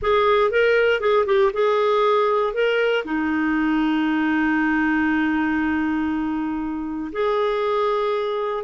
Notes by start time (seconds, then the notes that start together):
0.02 G#4
0.51 A#4
1.00 G#4
1.26 G4
1.53 G#4
2.53 A#4
3.05 D#4
7.12 G#4